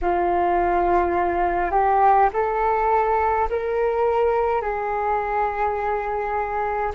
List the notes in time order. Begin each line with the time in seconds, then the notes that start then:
0.01 F4
1.71 G4
2.33 A4
3.49 A#4
4.62 G#4